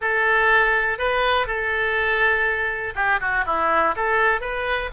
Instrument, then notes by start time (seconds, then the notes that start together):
oboe
0.01 A4
0.98 B4
1.46 A4
2.95 G4
3.20 F#4
3.46 E4
3.96 A4
4.40 B4